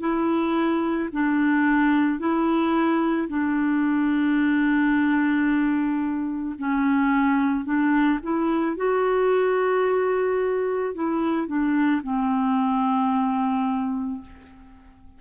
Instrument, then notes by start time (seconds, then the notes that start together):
clarinet
0.00 E4
1.12 D4
2.19 E4
3.28 D4
6.58 C#4
7.65 D4
8.23 E4
8.76 F#4
10.94 E4
11.47 D4
12.03 C4